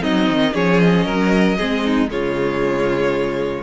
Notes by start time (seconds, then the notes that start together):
0.00 F#3 C4 D#4 D#5
0.29 D#3
0.53 F3 C#4 G#4 C#5
0.80 D#5
1.05 F#3 A#4
1.57 G#3 C4 G#4
1.84 D#4
2.08 C#3 G#3 F4 C#5